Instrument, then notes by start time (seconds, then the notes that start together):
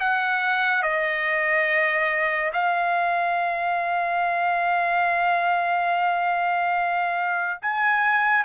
trumpet
0.00 F#5
0.83 D#5
2.54 F5
7.62 G#5